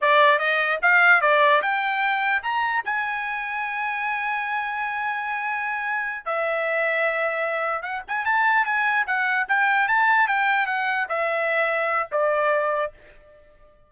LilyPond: \new Staff \with { instrumentName = "trumpet" } { \time 4/4 \tempo 4 = 149 d''4 dis''4 f''4 d''4 | g''2 ais''4 gis''4~ | gis''1~ | gis''2.~ gis''8 e''8~ |
e''2.~ e''8 fis''8 | gis''8 a''4 gis''4 fis''4 g''8~ | g''8 a''4 g''4 fis''4 e''8~ | e''2 d''2 | }